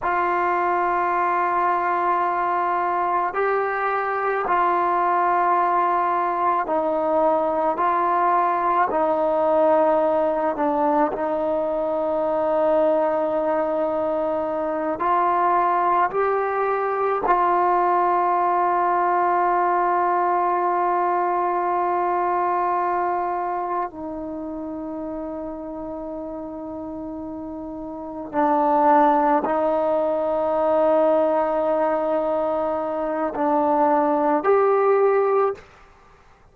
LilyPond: \new Staff \with { instrumentName = "trombone" } { \time 4/4 \tempo 4 = 54 f'2. g'4 | f'2 dis'4 f'4 | dis'4. d'8 dis'2~ | dis'4. f'4 g'4 f'8~ |
f'1~ | f'4. dis'2~ dis'8~ | dis'4. d'4 dis'4.~ | dis'2 d'4 g'4 | }